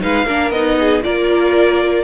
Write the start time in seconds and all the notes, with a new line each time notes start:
0.00 G#3 D#4 B4 F5
0.25 A#3 D4 A#4
0.50 B3 D#4 D#5
0.80 G#4
1.03 A#3 F4 A#4 D5